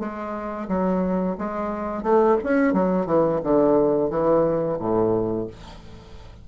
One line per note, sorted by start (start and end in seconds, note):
0.00 0.68 G#3
0.68 1.37 F#3
1.38 2.03 G#3
2.03 2.37 A3
2.44 2.74 C#4
2.74 3.07 F#3
3.07 3.41 E3
3.44 4.10 D3
4.10 4.79 E3
4.79 5.48 A2